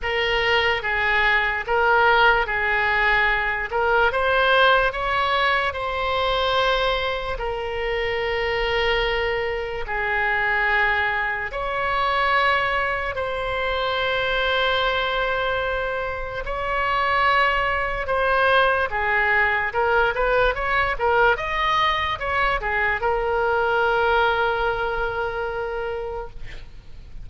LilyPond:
\new Staff \with { instrumentName = "oboe" } { \time 4/4 \tempo 4 = 73 ais'4 gis'4 ais'4 gis'4~ | gis'8 ais'8 c''4 cis''4 c''4~ | c''4 ais'2. | gis'2 cis''2 |
c''1 | cis''2 c''4 gis'4 | ais'8 b'8 cis''8 ais'8 dis''4 cis''8 gis'8 | ais'1 | }